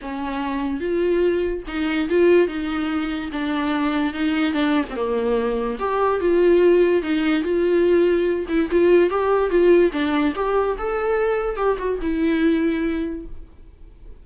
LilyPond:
\new Staff \with { instrumentName = "viola" } { \time 4/4 \tempo 4 = 145 cis'2 f'2 | dis'4 f'4 dis'2 | d'2 dis'4 d'8. c'16 | ais2 g'4 f'4~ |
f'4 dis'4 f'2~ | f'8 e'8 f'4 g'4 f'4 | d'4 g'4 a'2 | g'8 fis'8 e'2. | }